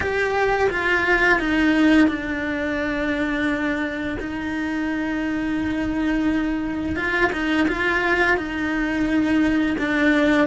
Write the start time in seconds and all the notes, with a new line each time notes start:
0.00 G4
0.69 F4
1.39 D#4
2.08 D4
4.20 D#4
6.96 F4
7.32 D#4
7.68 F4
8.37 D#4
9.78 D4